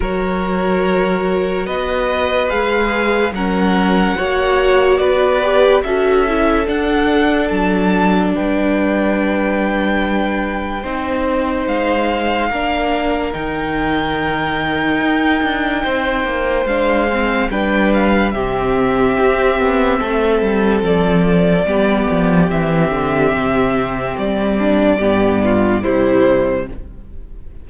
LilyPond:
<<
  \new Staff \with { instrumentName = "violin" } { \time 4/4 \tempo 4 = 72 cis''2 dis''4 f''4 | fis''2 d''4 e''4 | fis''4 a''4 g''2~ | g''2 f''2 |
g''1 | f''4 g''8 f''8 e''2~ | e''4 d''2 e''4~ | e''4 d''2 c''4 | }
  \new Staff \with { instrumentName = "violin" } { \time 4/4 ais'2 b'2 | ais'4 cis''4 b'4 a'4~ | a'2 b'2~ | b'4 c''2 ais'4~ |
ais'2. c''4~ | c''4 b'4 g'2 | a'2 g'2~ | g'4. d'8 g'8 f'8 e'4 | }
  \new Staff \with { instrumentName = "viola" } { \time 4/4 fis'2. gis'4 | cis'4 fis'4. g'8 fis'8 e'8 | d'1~ | d'4 dis'2 d'4 |
dis'1 | d'8 c'8 d'4 c'2~ | c'2 b4 c'4~ | c'2 b4 g4 | }
  \new Staff \with { instrumentName = "cello" } { \time 4/4 fis2 b4 gis4 | fis4 ais4 b4 cis'4 | d'4 fis4 g2~ | g4 c'4 gis4 ais4 |
dis2 dis'8 d'8 c'8 ais8 | gis4 g4 c4 c'8 b8 | a8 g8 f4 g8 f8 e8 d8 | c4 g4 g,4 c4 | }
>>